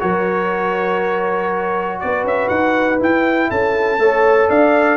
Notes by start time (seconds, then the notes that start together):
0.00 F#3 F#4 A#4 C#5
2.00 B3 B4 D5
2.24 C#4 E5
2.49 D#4 F#5
3.00 E4 G5
3.51 C#4 A4 A5
3.99 A3 A4 C#5
4.49 D4 D5 F5